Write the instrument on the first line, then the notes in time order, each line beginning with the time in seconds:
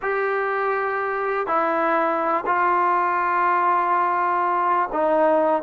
trombone
0.02 G4
1.46 E4
2.45 F4
4.92 D#4